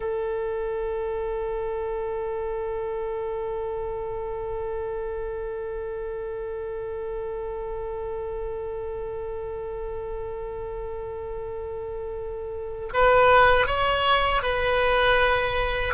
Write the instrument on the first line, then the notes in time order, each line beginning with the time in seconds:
oboe
0.00 A4
12.93 B4
13.66 C#5
14.42 B4